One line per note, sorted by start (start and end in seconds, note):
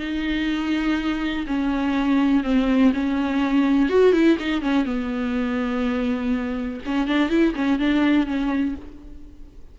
0.00 1.46 D#4
1.47 2.44 C#4
2.44 2.93 C4
2.94 3.90 C#4
3.90 4.13 F#4
4.13 4.37 E4
4.40 4.62 D#4
4.62 4.86 C#4
4.86 6.81 B3
6.86 7.08 C#4
7.08 7.30 D4
7.30 7.54 E4
7.56 7.80 C#4
7.80 8.27 D4
8.27 8.76 C#4